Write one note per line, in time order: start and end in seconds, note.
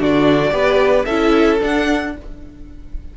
0.00 0.52 D3
0.00 0.52 D4
0.00 0.54 F#4
0.00 1.05 D5
0.52 1.05 B3
0.52 1.05 G4
0.52 1.06 B4
1.05 1.60 C#4
1.05 1.60 E4
1.05 2.13 A4
1.05 1.58 E5
1.60 2.13 D4
1.60 2.17 D4
1.60 2.17 F#5